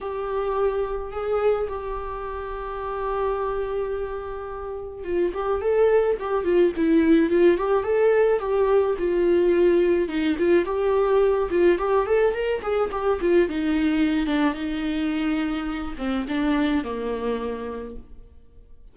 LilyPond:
\new Staff \with { instrumentName = "viola" } { \time 4/4 \tempo 4 = 107 g'2 gis'4 g'4~ | g'1~ | g'4 f'8 g'8 a'4 g'8 f'8 | e'4 f'8 g'8 a'4 g'4 |
f'2 dis'8 f'8 g'4~ | g'8 f'8 g'8 a'8 ais'8 gis'8 g'8 f'8 | dis'4. d'8 dis'2~ | dis'8 c'8 d'4 ais2 | }